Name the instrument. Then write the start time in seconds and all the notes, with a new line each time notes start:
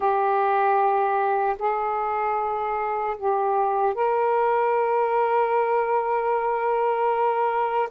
saxophone
0.00 G4
1.58 G#4
3.17 G4
3.94 A#4